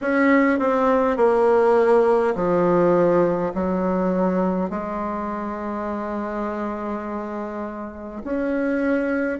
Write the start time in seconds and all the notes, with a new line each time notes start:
0.01 C#4
0.59 C4
1.17 A#3
2.35 F3
3.54 F#3
4.70 G#3
8.24 C#4